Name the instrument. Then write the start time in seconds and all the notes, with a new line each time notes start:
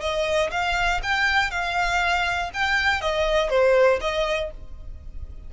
violin
0.00 D#5
0.51 F5
1.02 G5
1.50 F5
2.53 G5
3.01 D#5
3.49 C5
4.01 D#5